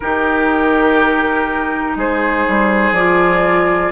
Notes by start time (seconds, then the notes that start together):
0.00 D#3 D#4 G4 A#4
1.95 G#3 G#4 C5
2.48 G3
2.91 F3 F4 D5